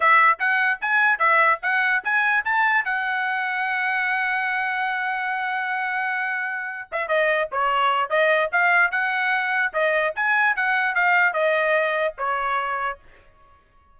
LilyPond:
\new Staff \with { instrumentName = "trumpet" } { \time 4/4 \tempo 4 = 148 e''4 fis''4 gis''4 e''4 | fis''4 gis''4 a''4 fis''4~ | fis''1~ | fis''1~ |
fis''4 e''8 dis''4 cis''4. | dis''4 f''4 fis''2 | dis''4 gis''4 fis''4 f''4 | dis''2 cis''2 | }